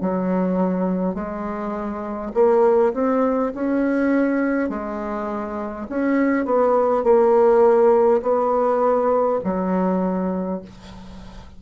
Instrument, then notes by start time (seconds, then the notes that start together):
bassoon
0.00 F#3
1.14 G#3
2.34 A#3
2.94 C4
3.54 C#4
4.69 G#3
5.89 C#4
6.45 B3
7.03 A#3
8.22 B3
9.44 F#3